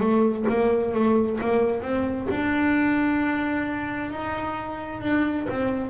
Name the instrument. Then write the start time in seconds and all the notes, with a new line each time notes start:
double bass
0.00 A3
0.48 A#3
0.94 A3
1.40 A#3
1.82 C4
2.30 D4
4.11 D#4
5.01 D4
5.49 C4